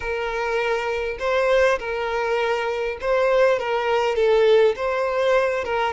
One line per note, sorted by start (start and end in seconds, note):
0.00 1.17 A#4
1.19 1.78 C5
1.79 2.98 A#4
3.01 3.59 C5
3.59 4.15 A#4
4.15 4.75 A4
4.76 5.64 C5
5.64 5.93 A#4